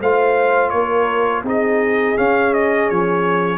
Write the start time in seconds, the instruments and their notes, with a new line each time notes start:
0.00 tuba A3, trombone F4, horn C5, trumpet F5
0.70 tuba A#3, horn A#4, trumpet C#5
1.44 tuba C4, trombone D#4, horn G#4, trumpet D#5
2.17 trombone C#4, tuba C#4, trumpet F5
2.54 trumpet D#5
2.90 tuba F3, trumpet C#5